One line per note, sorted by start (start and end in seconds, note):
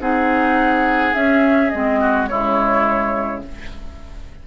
0.00 1.14 C4
0.00 1.15 D#4
0.00 2.01 G#4
0.00 1.14 F#5
1.14 1.72 C#4
1.14 1.70 E5
1.70 2.31 G#3
1.70 2.29 C4
1.70 2.27 D#5
2.01 2.29 F#4
2.28 3.47 C#3
2.28 3.43 G#3
2.28 3.45 E4
2.28 3.42 C#5